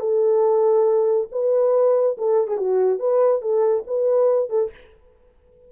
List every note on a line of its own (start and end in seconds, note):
0.00 1.28 A4
1.32 2.17 B4
2.18 2.48 A4
2.48 2.57 G#4
2.57 2.99 F#4
2.99 3.41 B4
3.41 3.84 A4
3.87 4.49 B4
4.49 4.71 A4